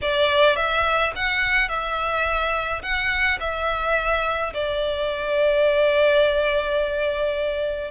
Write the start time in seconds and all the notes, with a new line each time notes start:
0.01 D5
0.56 E5
1.15 F#5
1.68 E5
2.82 F#5
3.40 E5
4.53 D5